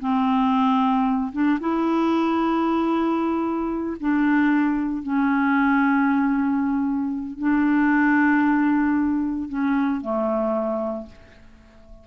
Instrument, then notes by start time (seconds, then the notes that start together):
clarinet
0.00 C4
1.33 D4
1.60 E4
4.00 D4
5.03 C#4
7.39 D4
9.49 C#4
10.01 A3